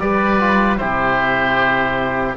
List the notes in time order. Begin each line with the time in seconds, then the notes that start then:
0.00 G3 G4 B4 D5
0.39 F4
0.77 C3 E4 G4 C5